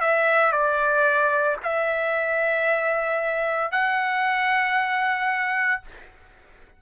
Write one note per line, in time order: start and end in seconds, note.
0.00 0.52 E5
0.52 1.57 D5
1.63 3.71 E5
3.71 5.81 F#5